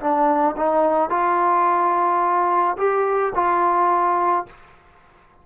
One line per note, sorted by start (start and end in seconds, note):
0.00 0.56 D4
0.57 1.10 D#4
1.10 2.77 F4
2.78 3.33 G4
3.35 4.46 F4